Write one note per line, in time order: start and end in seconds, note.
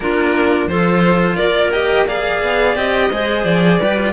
0.00 0.67 A#3
0.00 0.70 D4
0.00 0.70 F4
0.00 0.67 A#4
0.67 1.36 F3
0.67 1.72 F4
0.67 1.35 A4
0.67 1.36 C5
1.35 2.42 A#3
1.35 2.04 A#4
1.35 1.70 D5
1.72 2.07 G4
1.72 2.06 D#5
2.07 2.76 G#4
2.07 3.10 D5
2.07 2.77 F5
2.42 2.75 B3
2.75 3.09 C4
2.75 3.10 G4
2.75 3.44 D#5
3.10 3.44 G#3
3.10 3.81 G#4
3.10 3.79 C5
3.44 3.79 F3
3.44 4.13 D5
3.79 4.13 G3
3.79 3.97 G4
3.79 4.13 B4
3.97 4.13 F4